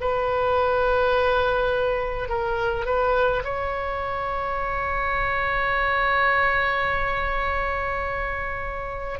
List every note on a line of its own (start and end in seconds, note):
0.00 2.29 B4
2.29 2.85 A#4
2.85 3.43 B4
3.44 9.19 C#5